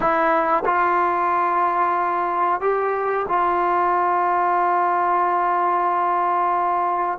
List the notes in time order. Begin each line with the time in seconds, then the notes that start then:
0.00 E4
0.65 F4
2.61 G4
3.28 F4